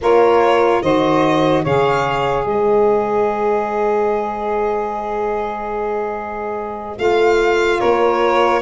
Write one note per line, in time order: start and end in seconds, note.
0.01 0.82 A#3
0.01 0.82 F4
0.01 0.83 A#4
0.01 0.82 C#5
0.82 1.64 D#3
0.82 1.65 F#4
0.82 1.62 C5
0.82 1.64 D#5
1.62 2.45 C#3
1.62 6.97 G#4
1.62 2.44 C#5
1.62 2.47 F5
2.44 6.97 G#3
2.44 7.78 C5
2.44 6.98 D#5
6.97 7.80 A3
6.97 8.61 F4
6.97 7.80 F5
7.79 8.62 A#3
7.79 8.61 A#4
7.79 8.62 C#5